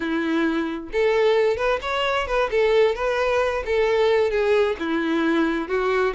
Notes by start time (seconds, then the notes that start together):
0.00 E4
0.92 A4
1.56 B4
1.81 C#5
2.27 B4
2.51 A4
2.95 B4
3.65 A4
4.30 G#4
4.79 E4
5.68 F#4